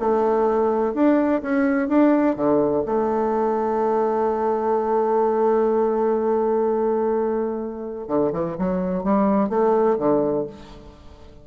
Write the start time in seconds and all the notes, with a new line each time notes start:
0.00 A3
0.94 D4
1.42 C#4
1.89 D4
2.36 D3
2.86 A3
8.08 D3
8.33 E3
8.59 F#3
9.04 G3
9.49 A3
9.99 D3